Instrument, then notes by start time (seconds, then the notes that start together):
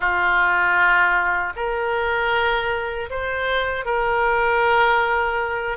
oboe
0.00 F4
1.56 A#4
3.10 C5
3.85 A#4